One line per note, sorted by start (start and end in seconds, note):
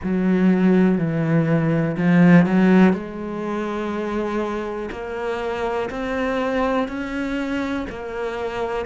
0.03 0.98 F#3
0.98 1.96 E3
1.97 2.45 F3
2.45 2.92 F#3
2.92 4.89 G#3
4.91 5.89 A#3
5.90 6.88 C4
6.88 7.86 C#4
7.89 8.85 A#3